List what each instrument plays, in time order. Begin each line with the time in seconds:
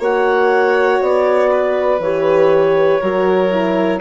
0.00 bassoon A#3, horn F#4, violin C#5, clarinet F#5
1.02 bassoon B3, clarinet D5
1.52 violin B4
2.00 bassoon E3, horn G4, clarinet C#5
3.01 bassoon F#3, horn F#4, violin A#4
3.51 horn E4